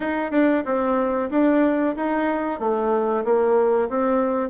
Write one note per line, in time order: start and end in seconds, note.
0.00 0.31 D#4
0.31 0.63 D4
0.65 1.29 C4
1.30 1.95 D4
1.95 2.59 D#4
2.59 3.24 A3
3.24 3.89 A#3
3.89 4.49 C4